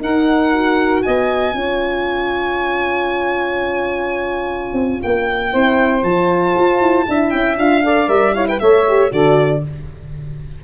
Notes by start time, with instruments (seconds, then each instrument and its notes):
0.00 tuba D#4, horn D#4, saxophone A#4, violin F#5
0.52 horn F#4
1.03 tuba B3, saxophone D#5, violin G#5
1.54 tuba C#4, horn F4, saxophone C#5
4.73 tuba C4
5.02 tuba A#3, violin G5
5.52 tuba C4, horn E4, saxophone C5
6.03 tuba F3, horn F4, violin A5
6.57 tuba F4
6.80 tuba E4
7.08 tuba D4, horn E4, saxophone E5
7.30 tuba C#4, violin G5
7.58 tuba D4, horn F4, violin F5
7.84 horn A4, saxophone D5
8.08 tuba G3, horn A#4, violin E5
8.34 horn E4, saxophone C#5, violin F5
8.48 saxophone B4, violin G5
8.60 tuba A3, horn A4, saxophone C#5, violin E5
8.88 horn G4
9.11 tuba D3, horn F#4, saxophone A4, violin D5